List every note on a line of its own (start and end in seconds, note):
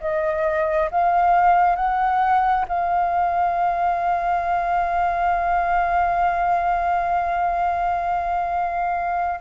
0.00 0.90 D#5
0.91 1.76 F5
1.76 2.65 F#5
2.68 9.39 F5